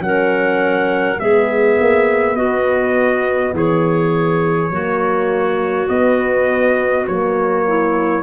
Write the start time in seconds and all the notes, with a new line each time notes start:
0.00 F#3 C#4 A#4 F#5
1.19 G#3 B3 G#4 E5
1.80 A#3
2.34 B3 F#4 D#5
3.54 E3 G#4 C#5
4.70 F#3 A#3 F#4
5.89 B3 D#5
7.07 F#3 A#3 C#5
7.67 E4